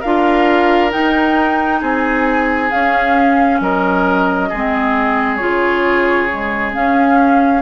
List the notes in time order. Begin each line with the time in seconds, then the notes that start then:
0.00 D4 F4 A#4 F5
0.90 D#4 G5
1.80 C4 G#4 G#5
2.71 C#4 F5
3.60 F#3 A#4 D#5
4.49 G#3 G#4
4.55 C4
5.36 C#3 F4 C#5
6.29 G#3
6.74 C#4 F5